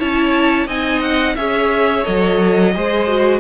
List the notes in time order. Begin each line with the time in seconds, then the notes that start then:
0.00 C#4 E4 C#5 A5
0.67 C4 D#4 D#5 G#5
1.02 F#5
1.36 C#4 G#4 C#5 E5
2.04 F#3 A4 D#5
2.75 G#3 G#4 C5
3.08 F#4